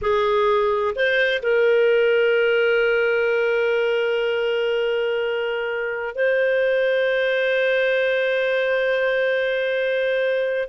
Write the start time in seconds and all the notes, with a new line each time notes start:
0.01 G#4
0.95 C5
1.42 A#4
6.15 C5